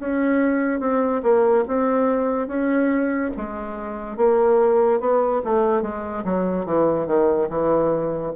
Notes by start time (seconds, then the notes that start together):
0.00 C#4
0.80 C4
1.23 A#3
1.68 C4
2.48 C#4
3.37 G#3
4.17 A#3
5.00 B3
5.45 A3
5.82 G#3
6.25 F#3
6.66 E3
7.07 D#3
7.50 E3